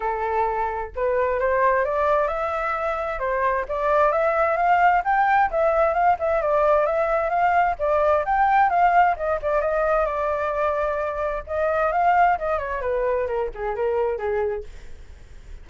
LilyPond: \new Staff \with { instrumentName = "flute" } { \time 4/4 \tempo 4 = 131 a'2 b'4 c''4 | d''4 e''2 c''4 | d''4 e''4 f''4 g''4 | e''4 f''8 e''8 d''4 e''4 |
f''4 d''4 g''4 f''4 | dis''8 d''8 dis''4 d''2~ | d''4 dis''4 f''4 dis''8 cis''8 | b'4 ais'8 gis'8 ais'4 gis'4 | }